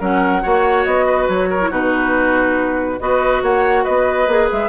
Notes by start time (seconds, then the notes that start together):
0.00 F#3 C#4 A#4 F#5
0.41 A#3 F#4 C#5
0.85 B3 D#5
1.06 B4
1.28 F#3 C#5
1.50 A#4
1.60 E4
1.70 B2 D#4 F#4 B4
3.00 B3 F#4 B4 D#5
3.42 A#3 C#5 F#5
3.84 B3 B4 D#5
4.28 A#3 G#4
4.52 G#3 E5